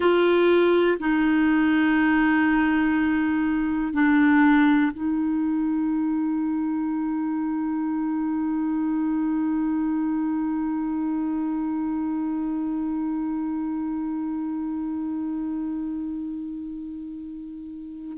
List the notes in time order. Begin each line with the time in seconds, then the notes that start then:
0.00 F4
0.99 D#4
3.93 D4
4.92 D#4